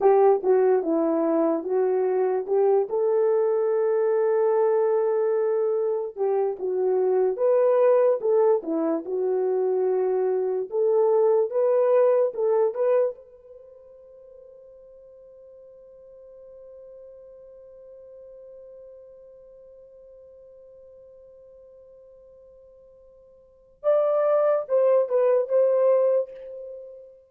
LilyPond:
\new Staff \with { instrumentName = "horn" } { \time 4/4 \tempo 4 = 73 g'8 fis'8 e'4 fis'4 g'8 a'8~ | a'2.~ a'8 g'8 | fis'4 b'4 a'8 e'8 fis'4~ | fis'4 a'4 b'4 a'8 b'8 |
c''1~ | c''1~ | c''1~ | c''4 d''4 c''8 b'8 c''4 | }